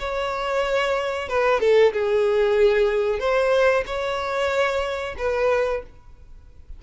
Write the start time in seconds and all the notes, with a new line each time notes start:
0.00 C#5
1.29 B4
1.61 A4
1.93 G#4
3.20 C5
3.87 C#5
5.18 B4